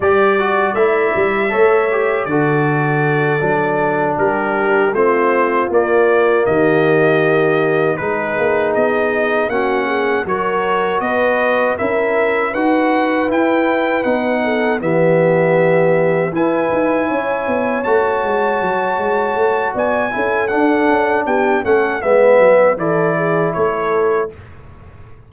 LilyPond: <<
  \new Staff \with { instrumentName = "trumpet" } { \time 4/4 \tempo 4 = 79 d''4 e''2 d''4~ | d''4. ais'4 c''4 d''8~ | d''8 dis''2 b'4 dis''8~ | dis''8 fis''4 cis''4 dis''4 e''8~ |
e''8 fis''4 g''4 fis''4 e''8~ | e''4. gis''2 a''8~ | a''2 gis''4 fis''4 | g''8 fis''8 e''4 d''4 cis''4 | }
  \new Staff \with { instrumentName = "horn" } { \time 4/4 d''2 cis''4 a'4~ | a'4. g'4 f'4.~ | f'8 g'2 gis'4.~ | gis'8 fis'8 gis'8 ais'4 b'4 ais'8~ |
ais'8 b'2~ b'8 a'8 g'8~ | g'4. b'4 cis''4.~ | cis''2 d''8 a'4. | g'8 a'8 b'4 a'8 gis'8 a'4 | }
  \new Staff \with { instrumentName = "trombone" } { \time 4/4 g'8 fis'8 e'4 a'8 g'8 fis'4~ | fis'8 d'2 c'4 ais8~ | ais2~ ais8 dis'4.~ | dis'8 cis'4 fis'2 e'8~ |
e'8 fis'4 e'4 dis'4 b8~ | b4. e'2 fis'8~ | fis'2~ fis'8 e'8 d'4~ | d'8 cis'8 b4 e'2 | }
  \new Staff \with { instrumentName = "tuba" } { \time 4/4 g4 a8 g8 a4 d4~ | d8 fis4 g4 a4 ais8~ | ais8 dis2 gis8 ais8 b8~ | b8 ais4 fis4 b4 cis'8~ |
cis'8 dis'4 e'4 b4 e8~ | e4. e'8 dis'8 cis'8 b8 a8 | gis8 fis8 gis8 a8 b8 cis'8 d'8 cis'8 | b8 a8 gis8 fis8 e4 a4 | }
>>